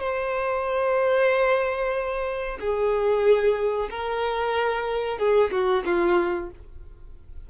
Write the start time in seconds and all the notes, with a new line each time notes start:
0.00 C5
2.60 G#4
3.90 A#4
5.18 G#4
5.51 F#4
5.86 F4